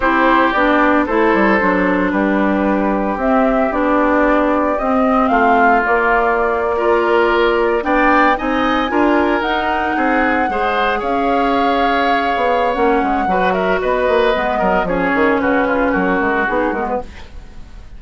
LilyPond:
<<
  \new Staff \with { instrumentName = "flute" } { \time 4/4 \tempo 4 = 113 c''4 d''4 c''2 | b'2 e''4 d''4~ | d''4 dis''4 f''4 d''4~ | d''2~ d''8. g''4 gis''16~ |
gis''4.~ gis''16 fis''2~ fis''16~ | fis''8. f''2.~ f''16 | fis''4. e''8 dis''2 | cis''4 b'4 ais'4 gis'8 ais'16 b'16 | }
  \new Staff \with { instrumentName = "oboe" } { \time 4/4 g'2 a'2 | g'1~ | g'2 f'2~ | f'8. ais'2 d''4 dis''16~ |
dis''8. ais'2 gis'4 c''16~ | c''8. cis''2.~ cis''16~ | cis''4 b'8 ais'8 b'4. ais'8 | gis'4 fis'8 f'8 fis'2 | }
  \new Staff \with { instrumentName = "clarinet" } { \time 4/4 e'4 d'4 e'4 d'4~ | d'2 c'4 d'4~ | d'4 c'2 ais4~ | ais8. f'2 d'4 dis'16~ |
dis'8. f'4 dis'2 gis'16~ | gis'1 | cis'4 fis'2 b4 | cis'2. dis'8 b8 | }
  \new Staff \with { instrumentName = "bassoon" } { \time 4/4 c'4 b4 a8 g8 fis4 | g2 c'4 b4~ | b4 c'4 a4 ais4~ | ais2~ ais8. b4 c'16~ |
c'8. d'4 dis'4 c'4 gis16~ | gis8. cis'2~ cis'8 b8. | ais8 gis8 fis4 b8 ais8 gis8 fis8 | f8 dis8 cis4 fis8 gis8 b8 gis8 | }
>>